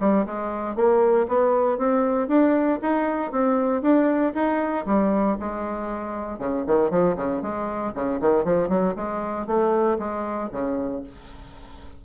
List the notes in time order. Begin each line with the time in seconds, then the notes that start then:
0.00 G3
0.26 G#3
0.76 A#3
1.28 B3
1.78 C4
2.28 D4
2.82 D#4
3.32 C4
3.82 D4
4.34 D#4
4.86 G3
5.40 G#3
6.38 C#3
6.67 D#3
6.90 F3
7.17 C#3
7.42 G#3
7.95 C#3
8.21 D#3
8.44 F3
8.69 F#3
8.96 G#3
9.47 A3
9.99 G#3
10.52 C#3